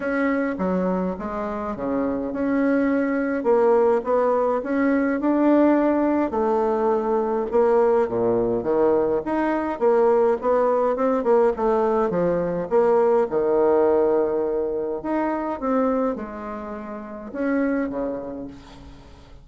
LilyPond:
\new Staff \with { instrumentName = "bassoon" } { \time 4/4 \tempo 4 = 104 cis'4 fis4 gis4 cis4 | cis'2 ais4 b4 | cis'4 d'2 a4~ | a4 ais4 ais,4 dis4 |
dis'4 ais4 b4 c'8 ais8 | a4 f4 ais4 dis4~ | dis2 dis'4 c'4 | gis2 cis'4 cis4 | }